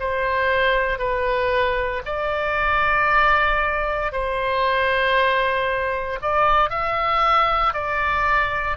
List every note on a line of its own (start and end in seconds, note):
0.00 0.99 C5
0.99 2.02 B4
2.05 4.12 D5
4.12 6.19 C5
6.22 6.70 D5
6.70 7.74 E5
7.74 8.77 D5